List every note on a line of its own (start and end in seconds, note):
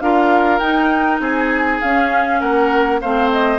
0.00 0.60 D4
0.00 0.61 F4
0.00 1.21 A#4
0.00 0.59 F5
0.59 1.19 D#4
0.59 1.81 D#4
0.59 1.19 G5
1.19 1.79 C4
1.19 2.40 G#4
1.19 1.81 G#5
1.81 2.41 C#4
1.81 3.03 C#4
1.81 2.40 F5
2.40 3.01 A#3
2.40 3.00 A#4
2.40 3.00 F#5
3.00 3.59 A3
3.00 3.59 C4
3.00 3.59 C5
3.00 3.31 F5
3.31 3.59 D#5